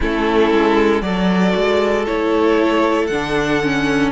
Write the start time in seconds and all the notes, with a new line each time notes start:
0.00 A3 C#4 E4 A4
0.50 G#3
1.02 F#3 F#4 A4 D5
1.55 G#3
2.06 A3 E4 C#5
3.06 D3 D4 F#5
3.62 C#4